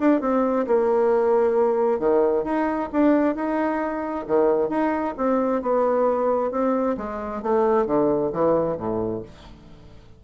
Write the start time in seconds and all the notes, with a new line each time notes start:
0.00 D4
0.21 C4
0.67 A#3
2.00 D#3
2.44 D#4
2.93 D4
3.35 D#4
4.28 D#3
4.70 D#4
5.18 C4
5.62 B3
6.51 C4
6.98 G#3
7.43 A3
7.87 D3
8.33 E3
8.78 A2